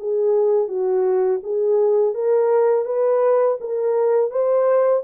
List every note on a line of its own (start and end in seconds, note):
0.00 0.68 G#4
0.68 1.41 F#4
1.44 2.15 G#4
2.15 2.86 A#4
2.86 3.58 B4
3.61 4.31 A#4
4.31 5.03 C5